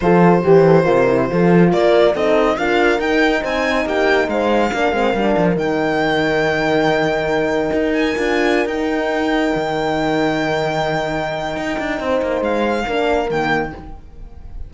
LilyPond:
<<
  \new Staff \with { instrumentName = "violin" } { \time 4/4 \tempo 4 = 140 c''1 | d''4 dis''4 f''4 g''4 | gis''4 g''4 f''2~ | f''4 g''2.~ |
g''2~ g''8 gis''4.~ | gis''16 g''2.~ g''8.~ | g''1~ | g''4 f''2 g''4 | }
  \new Staff \with { instrumentName = "horn" } { \time 4/4 a'4 g'8 a'8 ais'4 a'4 | ais'4 a'4 ais'2 | c''4 g'4 c''4 ais'4~ | ais'1~ |
ais'1~ | ais'1~ | ais'1 | c''2 ais'2 | }
  \new Staff \with { instrumentName = "horn" } { \time 4/4 f'4 g'4 f'8 e'8 f'4~ | f'4 dis'4 f'4 dis'4~ | dis'2. d'8 c'8 | d'4 dis'2.~ |
dis'2. f'4~ | f'16 dis'2.~ dis'8.~ | dis'1~ | dis'2 d'4 ais4 | }
  \new Staff \with { instrumentName = "cello" } { \time 4/4 f4 e4 c4 f4 | ais4 c'4 d'4 dis'4 | c'4 ais4 gis4 ais8 gis8 | g8 f8 dis2.~ |
dis2 dis'4 d'4~ | d'16 dis'2 dis4.~ dis16~ | dis2. dis'8 d'8 | c'8 ais8 gis4 ais4 dis4 | }
>>